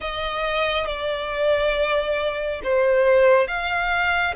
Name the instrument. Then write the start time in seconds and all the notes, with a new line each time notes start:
violin
0.00 D#5
0.87 D5
2.63 C5
3.47 F5